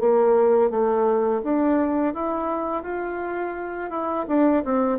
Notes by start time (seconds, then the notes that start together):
0.00 A#3
0.71 A3
1.44 D4
2.14 E4
2.83 F4
3.91 E4
4.28 D4
4.65 C4